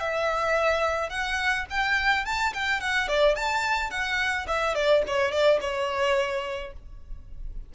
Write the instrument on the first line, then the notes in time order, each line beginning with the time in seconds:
violin
0.00 E5
1.10 F#5
1.70 G5
2.25 A5
2.54 G5
2.81 F#5
3.08 D5
3.36 A5
3.90 F#5
4.47 E5
4.75 D5
5.07 C#5
5.32 D5
5.61 C#5